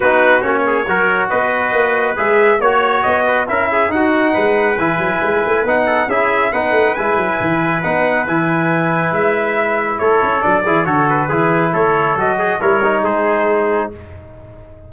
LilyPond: <<
  \new Staff \with { instrumentName = "trumpet" } { \time 4/4 \tempo 4 = 138 b'4 cis''2 dis''4~ | dis''4 e''4 cis''4 dis''4 | e''4 fis''2 gis''4~ | gis''4 fis''4 e''4 fis''4 |
gis''2 fis''4 gis''4~ | gis''4 e''2 cis''4 | d''4 cis''8 b'4. cis''4 | dis''4 cis''4 c''2 | }
  \new Staff \with { instrumentName = "trumpet" } { \time 4/4 fis'4. gis'8 ais'4 b'4~ | b'2 cis''4. b'8 | ais'8 gis'8 fis'4 b'2~ | b'4. a'8 gis'4 b'4~ |
b'1~ | b'2. a'4~ | a'8 gis'8 a'4 gis'4 a'4~ | a'8 gis'8 ais'4 gis'2 | }
  \new Staff \with { instrumentName = "trombone" } { \time 4/4 dis'4 cis'4 fis'2~ | fis'4 gis'4 fis'2 | e'4 dis'2 e'4~ | e'4 dis'4 e'4 dis'4 |
e'2 dis'4 e'4~ | e'1 | d'8 e'8 fis'4 e'2 | fis'4 e'8 dis'2~ dis'8 | }
  \new Staff \with { instrumentName = "tuba" } { \time 4/4 b4 ais4 fis4 b4 | ais4 gis4 ais4 b4 | cis'4 dis'4 gis4 e8 fis8 | gis8 a8 b4 cis'4 b8 a8 |
gis8 fis8 e4 b4 e4~ | e4 gis2 a8 cis'8 | fis8 e8 d4 e4 a4 | fis4 g4 gis2 | }
>>